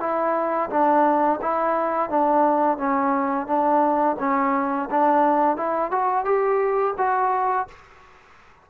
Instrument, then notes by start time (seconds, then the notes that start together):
trombone
0.00 E4
0.70 D4
1.42 E4
2.10 D4
2.78 C#4
3.47 D4
4.20 C#4
4.91 D4
5.57 E4
5.91 F#4
6.25 G4
6.98 F#4